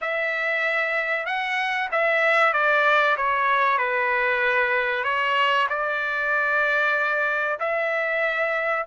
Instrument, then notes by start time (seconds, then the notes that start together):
trumpet
0.01 E5
1.26 F#5
1.91 E5
2.53 D5
3.17 C#5
3.78 B4
5.04 C#5
5.69 D5
7.59 E5